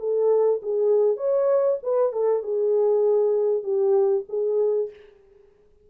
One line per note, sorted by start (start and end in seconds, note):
0.00 0.61 A4
0.63 1.17 G#4
1.17 1.79 C#5
1.83 2.13 B4
2.13 2.43 A4
2.43 3.64 G#4
3.64 4.25 G4
4.29 4.91 G#4